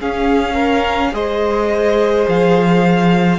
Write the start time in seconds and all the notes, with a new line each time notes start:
0.00 C#4 G#4 F5
0.54 A#4
1.13 G#3 G#4 C5 D#5
2.28 F3 F5